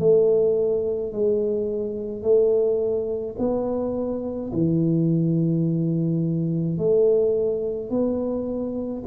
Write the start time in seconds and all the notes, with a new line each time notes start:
0.00 A3
1.13 G#3
2.23 A3
3.39 B3
4.53 E3
6.79 A3
7.91 B3